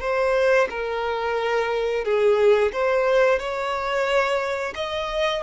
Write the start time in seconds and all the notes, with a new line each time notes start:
0.00 C5
0.69 A#4
2.04 G#4
2.72 C5
3.39 C#5
4.75 D#5